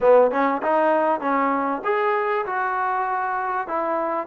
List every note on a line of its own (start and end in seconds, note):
0.01 0.31 B3
0.31 0.61 C#4
0.62 1.20 D#4
1.20 1.81 C#4
1.84 2.45 G#4
2.46 3.67 F#4
3.67 4.26 E4